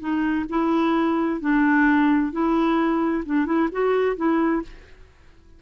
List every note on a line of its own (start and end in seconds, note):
0.00 0.46 D#4
0.50 1.41 E4
1.41 2.33 D4
2.33 3.24 E4
3.26 3.46 D4
3.46 3.69 E4
3.72 4.17 F#4
4.17 4.62 E4